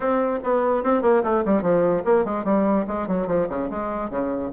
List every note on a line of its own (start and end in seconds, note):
0.00 0.39 C4
0.43 0.83 B3
0.83 1.02 C4
1.02 1.22 A#3
1.23 1.44 A3
1.45 1.61 G3
1.61 2.02 F3
2.04 2.24 A#3
2.24 2.44 G#3
2.44 2.85 G3
2.87 3.07 G#3
3.07 3.27 F#3
3.27 3.47 F3
3.48 3.69 C#3
3.69 4.09 G#3
4.09 4.51 C#3